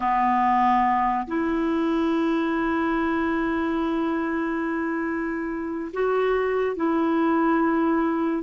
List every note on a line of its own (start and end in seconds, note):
0.00 1.26 B3
1.27 5.92 E4
5.93 6.76 F#4
6.76 8.43 E4